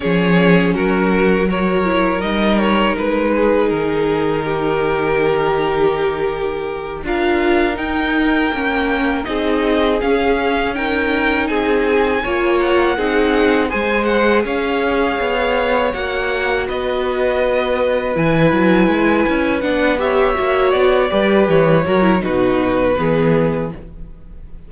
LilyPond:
<<
  \new Staff \with { instrumentName = "violin" } { \time 4/4 \tempo 4 = 81 cis''4 ais'4 cis''4 dis''8 cis''8 | b'4 ais'2.~ | ais'4. f''4 g''4.~ | g''8 dis''4 f''4 g''4 gis''8~ |
gis''4 fis''4. gis''8 fis''8 f''8~ | f''4. fis''4 dis''4.~ | dis''8 gis''2 fis''8 e''4 | d''4 cis''4 b'2 | }
  \new Staff \with { instrumentName = "violin" } { \time 4/4 gis'4 fis'4 ais'2~ | ais'8 gis'4. g'2~ | g'4. ais'2~ ais'8~ | ais'8 gis'2 ais'4 gis'8~ |
gis'8 cis''4 gis'4 c''4 cis''8~ | cis''2~ cis''8 b'4.~ | b'2. cis''4~ | cis''8 b'4 ais'8 fis'4 gis'4 | }
  \new Staff \with { instrumentName = "viola" } { \time 4/4 cis'2 fis'8 e'8 dis'4~ | dis'1~ | dis'4. f'4 dis'4 cis'8~ | cis'8 dis'4 cis'4 dis'4.~ |
dis'8 f'4 dis'4 gis'4.~ | gis'4. fis'2~ fis'8~ | fis'8 e'2 d'8 g'8 fis'8~ | fis'8 g'4 fis'16 e'16 dis'4 b4 | }
  \new Staff \with { instrumentName = "cello" } { \time 4/4 f4 fis2 g4 | gis4 dis2.~ | dis4. d'4 dis'4 ais8~ | ais8 c'4 cis'2 c'8~ |
c'8 ais4 c'4 gis4 cis'8~ | cis'8 b4 ais4 b4.~ | b8 e8 fis8 gis8 cis'8 b4 ais8 | b8 g8 e8 fis8 b,4 e4 | }
>>